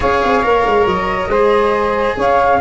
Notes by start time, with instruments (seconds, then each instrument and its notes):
0.00 tuba C#4, cello G#4, saxophone C#5, flute F5
0.23 tuba C4
0.43 tuba A#3, cello A#4
0.66 tuba G#3
0.86 tuba F#3, flute D#5
1.27 tuba G#3, cello G#4, saxophone C5
2.16 tuba C#4, saxophone C#5, flute F5